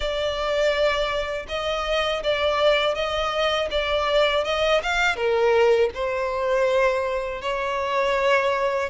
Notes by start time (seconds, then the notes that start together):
0.00 D5
1.48 D#5
2.23 D5
2.95 D#5
3.70 D5
4.44 D#5
4.82 F5
5.15 A#4
5.94 C5
7.41 C#5